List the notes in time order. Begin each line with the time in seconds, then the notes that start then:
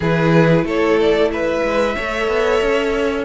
0.00 E3 E4 G#4 B4
0.63 A3 A4 C#5
1.00 D5
1.31 B4 E5
1.63 G#3
1.95 A3 A4 C#5
2.27 B3
2.61 C#4